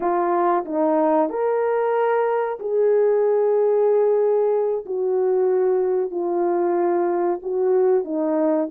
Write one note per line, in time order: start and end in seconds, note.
0.00 0.64 F4
0.65 1.29 D#4
1.29 2.58 A#4
2.59 4.85 G#4
4.85 6.10 F#4
6.10 7.39 F4
7.42 8.04 F#4
8.04 8.69 D#4